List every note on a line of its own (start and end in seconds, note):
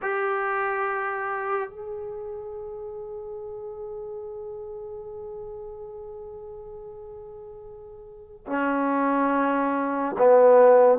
0.02 1.69 G4
1.69 8.45 G#4
8.47 10.16 C#4
10.18 10.98 B3